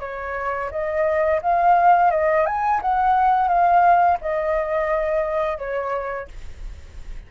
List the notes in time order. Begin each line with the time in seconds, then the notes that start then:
0.00 C#5
0.71 D#5
1.42 F5
2.11 D#5
2.46 G#5
2.82 F#5
3.48 F5
4.21 D#5
5.58 C#5